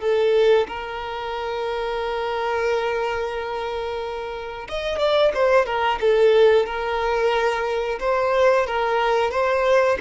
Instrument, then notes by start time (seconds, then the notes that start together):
violin
0.00 A4
0.68 A#4
4.68 D#5
4.98 D5
5.34 C5
5.65 A#4
6.01 A4
6.66 A#4
8.00 C5
8.67 A#4
9.31 C5